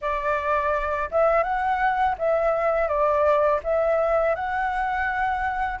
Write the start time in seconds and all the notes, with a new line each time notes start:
0.01 D5
1.11 E5
1.43 F#5
2.18 E5
2.88 D5
3.63 E5
4.35 F#5